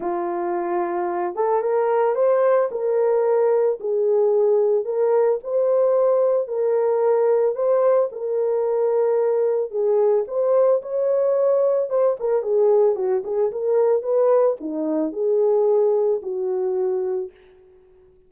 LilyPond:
\new Staff \with { instrumentName = "horn" } { \time 4/4 \tempo 4 = 111 f'2~ f'8 a'8 ais'4 | c''4 ais'2 gis'4~ | gis'4 ais'4 c''2 | ais'2 c''4 ais'4~ |
ais'2 gis'4 c''4 | cis''2 c''8 ais'8 gis'4 | fis'8 gis'8 ais'4 b'4 dis'4 | gis'2 fis'2 | }